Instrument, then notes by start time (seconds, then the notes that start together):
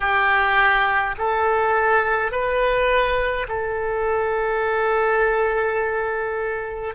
oboe
0.00 G4
1.17 A4
2.31 B4
3.48 A4